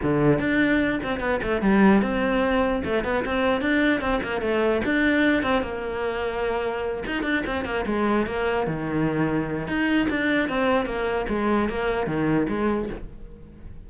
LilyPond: \new Staff \with { instrumentName = "cello" } { \time 4/4 \tempo 4 = 149 d4 d'4. c'8 b8 a8 | g4 c'2 a8 b8 | c'4 d'4 c'8 ais8 a4 | d'4. c'8 ais2~ |
ais4. dis'8 d'8 c'8 ais8 gis8~ | gis8 ais4 dis2~ dis8 | dis'4 d'4 c'4 ais4 | gis4 ais4 dis4 gis4 | }